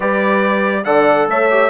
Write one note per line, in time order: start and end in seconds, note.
0.00 0.85 G3
0.00 0.84 G4
0.00 0.83 B4
0.00 0.84 D5
0.84 1.27 D3
0.84 1.49 A4
0.84 1.28 D5
0.84 1.27 F#5
1.27 1.69 A3
1.27 1.69 C#5
1.27 1.69 E5
1.50 1.69 G4